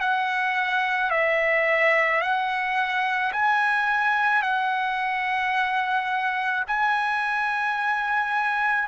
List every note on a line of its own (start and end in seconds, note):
0.00 1.11 F#5
1.11 2.21 E5
2.21 3.32 F#5
3.32 4.42 G#5
4.42 6.65 F#5
6.67 8.88 G#5